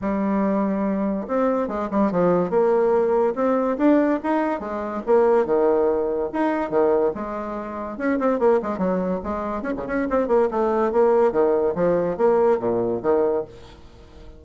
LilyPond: \new Staff \with { instrumentName = "bassoon" } { \time 4/4 \tempo 4 = 143 g2. c'4 | gis8 g8 f4 ais2 | c'4 d'4 dis'4 gis4 | ais4 dis2 dis'4 |
dis4 gis2 cis'8 c'8 | ais8 gis8 fis4 gis4 cis'16 cis16 cis'8 | c'8 ais8 a4 ais4 dis4 | f4 ais4 ais,4 dis4 | }